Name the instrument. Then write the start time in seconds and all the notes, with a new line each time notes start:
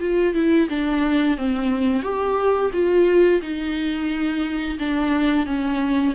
viola
0.00 F4
0.34 E4
0.70 D4
1.38 C4
2.03 G4
2.73 F4
3.42 D#4
4.79 D4
5.46 C#4